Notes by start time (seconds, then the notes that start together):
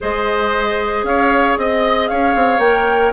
0.01 G#3 G#4 C5 D#5
1.03 C#4 C#5 F5
1.57 C4 D#5
2.07 C#4 C#5 F5
2.35 C4
2.58 A#3 A#4 G5